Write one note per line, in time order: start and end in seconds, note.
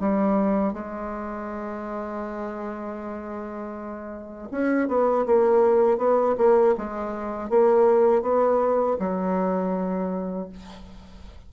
0.00 0.73 G3
0.73 4.48 G#3
4.51 4.88 C#4
4.88 5.25 B3
5.26 5.98 A#3
5.98 6.35 B3
6.38 6.75 A#3
6.77 7.50 G#3
7.50 8.22 A#3
8.22 8.97 B3
8.99 10.49 F#3